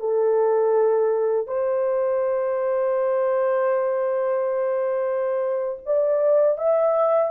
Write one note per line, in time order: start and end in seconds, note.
0.00 1.47 A4
1.47 5.78 C5
5.86 6.58 D5
6.58 7.31 E5